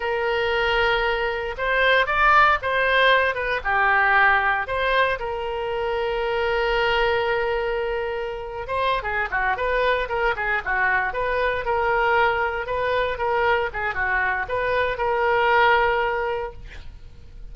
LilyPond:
\new Staff \with { instrumentName = "oboe" } { \time 4/4 \tempo 4 = 116 ais'2. c''4 | d''4 c''4. b'8 g'4~ | g'4 c''4 ais'2~ | ais'1~ |
ais'8. c''8. gis'8 fis'8 b'4 ais'8 | gis'8 fis'4 b'4 ais'4.~ | ais'8 b'4 ais'4 gis'8 fis'4 | b'4 ais'2. | }